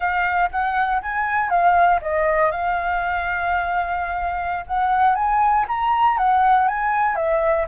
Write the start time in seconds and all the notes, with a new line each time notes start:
0.00 F5
0.51 F#5
1.02 G#5
1.49 F5
2.01 D#5
2.51 F5
4.66 F#5
5.15 G#5
5.67 A#5
6.17 F#5
6.67 G#5
7.15 E5